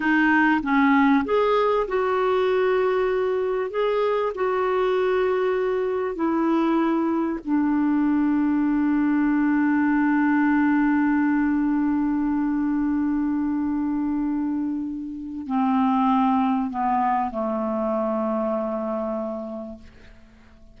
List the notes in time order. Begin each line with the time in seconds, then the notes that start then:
0.00 D#4
0.62 C#4
1.24 G#4
1.87 F#4
3.70 G#4
4.35 F#4
6.15 E4
7.44 D4
15.46 C4
16.70 B3
17.31 A3